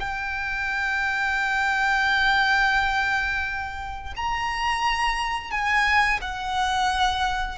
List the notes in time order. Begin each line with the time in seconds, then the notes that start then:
0.00 G5
4.16 A#5
5.51 G#5
6.21 F#5